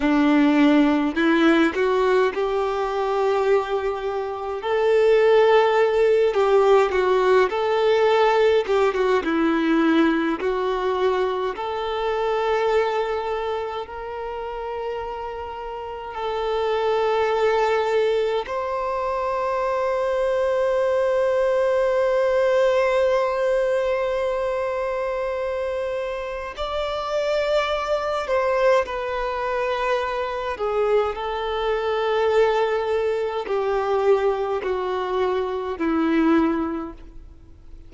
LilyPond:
\new Staff \with { instrumentName = "violin" } { \time 4/4 \tempo 4 = 52 d'4 e'8 fis'8 g'2 | a'4. g'8 fis'8 a'4 g'16 fis'16 | e'4 fis'4 a'2 | ais'2 a'2 |
c''1~ | c''2. d''4~ | d''8 c''8 b'4. gis'8 a'4~ | a'4 g'4 fis'4 e'4 | }